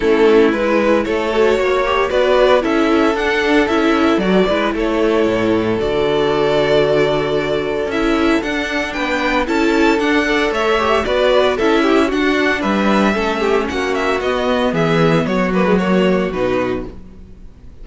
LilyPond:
<<
  \new Staff \with { instrumentName = "violin" } { \time 4/4 \tempo 4 = 114 a'4 b'4 cis''2 | d''4 e''4 fis''4 e''4 | d''4 cis''2 d''4~ | d''2. e''4 |
fis''4 g''4 a''4 fis''4 | e''4 d''4 e''4 fis''4 | e''2 fis''8 e''8 dis''4 | e''4 cis''8 b'8 cis''4 b'4 | }
  \new Staff \with { instrumentName = "violin" } { \time 4/4 e'2 a'4 cis''4 | b'4 a'2.~ | a'8 b'8 a'2.~ | a'1~ |
a'4 b'4 a'4. d''8 | cis''4 b'4 a'8 g'8 fis'4 | b'4 a'8 g'8 fis'2 | gis'4 fis'2. | }
  \new Staff \with { instrumentName = "viola" } { \time 4/4 cis'4 e'4. fis'4 g'8 | fis'4 e'4 d'4 e'4 | fis'8 e'2~ e'8 fis'4~ | fis'2. e'4 |
d'2 e'4 d'8 a'8~ | a'8 g'8 fis'4 e'4 d'4~ | d'4 cis'2 b4~ | b4. ais16 gis16 ais4 dis'4 | }
  \new Staff \with { instrumentName = "cello" } { \time 4/4 a4 gis4 a4 ais4 | b4 cis'4 d'4 cis'4 | fis8 gis8 a4 a,4 d4~ | d2. cis'4 |
d'4 b4 cis'4 d'4 | a4 b4 cis'4 d'4 | g4 a4 ais4 b4 | e4 fis2 b,4 | }
>>